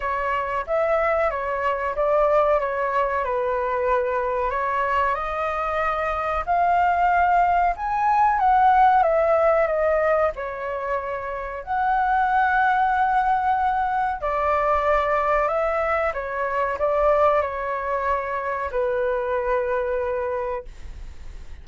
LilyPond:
\new Staff \with { instrumentName = "flute" } { \time 4/4 \tempo 4 = 93 cis''4 e''4 cis''4 d''4 | cis''4 b'2 cis''4 | dis''2 f''2 | gis''4 fis''4 e''4 dis''4 |
cis''2 fis''2~ | fis''2 d''2 | e''4 cis''4 d''4 cis''4~ | cis''4 b'2. | }